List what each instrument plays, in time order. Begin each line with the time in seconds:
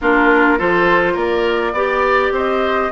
0.01 bassoon A#3, clarinet D4, oboe F4, flute A#4
0.58 bassoon F3, clarinet F4, oboe A4, flute C5
1.13 bassoon A#3, oboe A#4, flute D5
1.72 bassoon B3, clarinet G4, oboe D5
2.31 bassoon C4, oboe C5, flute D#5